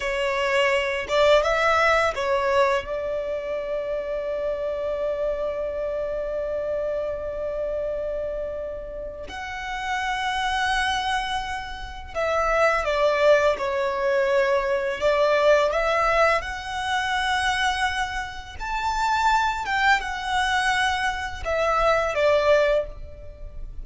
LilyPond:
\new Staff \with { instrumentName = "violin" } { \time 4/4 \tempo 4 = 84 cis''4. d''8 e''4 cis''4 | d''1~ | d''1~ | d''4 fis''2.~ |
fis''4 e''4 d''4 cis''4~ | cis''4 d''4 e''4 fis''4~ | fis''2 a''4. g''8 | fis''2 e''4 d''4 | }